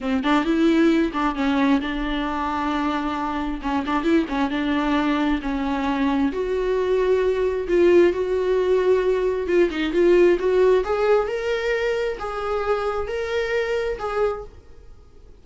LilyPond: \new Staff \with { instrumentName = "viola" } { \time 4/4 \tempo 4 = 133 c'8 d'8 e'4. d'8 cis'4 | d'1 | cis'8 d'8 e'8 cis'8 d'2 | cis'2 fis'2~ |
fis'4 f'4 fis'2~ | fis'4 f'8 dis'8 f'4 fis'4 | gis'4 ais'2 gis'4~ | gis'4 ais'2 gis'4 | }